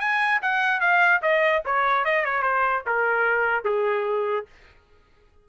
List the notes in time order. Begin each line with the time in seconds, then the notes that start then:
0.00 G#5
0.42 F#5
0.80 F5
1.22 D#5
1.65 C#5
2.05 D#5
2.25 C#5
2.42 C5
2.86 A#4
3.64 G#4